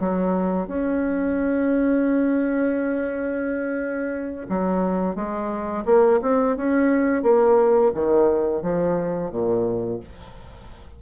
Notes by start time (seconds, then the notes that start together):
0.00 F#3
0.67 C#4
4.49 F#3
5.15 G#3
5.86 A#3
6.22 C4
6.56 C#4
7.23 A#3
7.94 D#3
8.62 F3
9.31 A#2